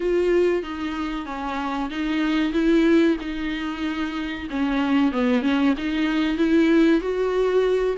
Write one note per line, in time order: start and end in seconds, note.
0.00 0.62 F4
0.62 1.25 D#4
1.25 1.89 C#4
1.90 2.52 D#4
2.52 3.16 E4
3.20 4.48 D#4
4.50 5.12 C#4
5.12 5.41 B3
5.41 5.73 C#4
5.77 6.37 D#4
6.37 7.01 E4
7.01 7.96 F#4